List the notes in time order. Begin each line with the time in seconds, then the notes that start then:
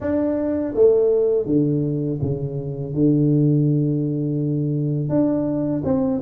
0.00 D4
0.74 A3
1.46 D3
2.21 C#3
2.93 D3
5.09 D4
5.84 C4